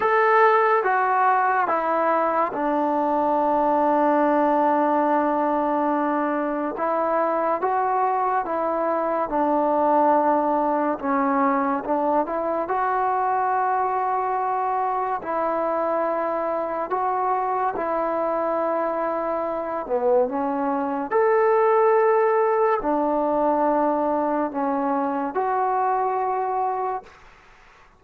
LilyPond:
\new Staff \with { instrumentName = "trombone" } { \time 4/4 \tempo 4 = 71 a'4 fis'4 e'4 d'4~ | d'1 | e'4 fis'4 e'4 d'4~ | d'4 cis'4 d'8 e'8 fis'4~ |
fis'2 e'2 | fis'4 e'2~ e'8 b8 | cis'4 a'2 d'4~ | d'4 cis'4 fis'2 | }